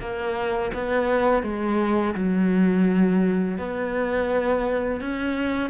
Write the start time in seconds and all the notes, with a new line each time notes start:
0.00 A#3
0.74 B3
1.43 G#3
2.15 F#3
3.58 B3
5.01 C#4